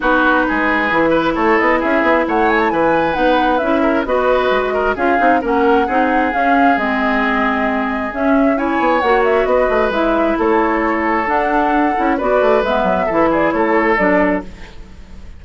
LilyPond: <<
  \new Staff \with { instrumentName = "flute" } { \time 4/4 \tempo 4 = 133 b'2. cis''8 dis''8 | e''4 fis''8 gis''16 a''16 gis''4 fis''4 | e''4 dis''2 f''4 | fis''2 f''4 dis''4~ |
dis''2 e''4 gis''4 | fis''8 e''8 dis''4 e''4 cis''4~ | cis''4 fis''2 d''4 | e''4. d''8 cis''4 d''4 | }
  \new Staff \with { instrumentName = "oboe" } { \time 4/4 fis'4 gis'4. b'8 a'4 | gis'4 cis''4 b'2~ | b'8 ais'8 b'4. ais'8 gis'4 | ais'4 gis'2.~ |
gis'2. cis''4~ | cis''4 b'2 a'4~ | a'2. b'4~ | b'4 a'8 gis'8 a'2 | }
  \new Staff \with { instrumentName = "clarinet" } { \time 4/4 dis'2 e'2~ | e'2. dis'4 | e'4 fis'2 f'8 dis'8 | cis'4 dis'4 cis'4 c'4~ |
c'2 cis'4 e'4 | fis'2 e'2~ | e'4 d'4. e'8 fis'4 | b4 e'2 d'4 | }
  \new Staff \with { instrumentName = "bassoon" } { \time 4/4 b4 gis4 e4 a8 b8 | cis'8 b8 a4 e4 b4 | cis'4 b4 gis4 cis'8 c'8 | ais4 c'4 cis'4 gis4~ |
gis2 cis'4. b8 | ais4 b8 a8 gis4 a4~ | a4 d'4. cis'8 b8 a8 | gis8 fis8 e4 a4 fis4 | }
>>